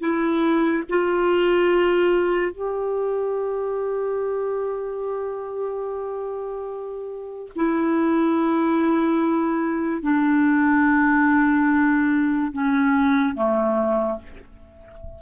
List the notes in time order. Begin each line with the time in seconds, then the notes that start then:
0.00 E4
0.89 F4
2.52 G4
7.56 E4
10.02 D4
12.53 C#4
13.35 A3